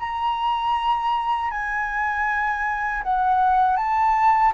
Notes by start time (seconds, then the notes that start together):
0.00 A#5
1.51 G#5
3.03 F#5
3.77 A5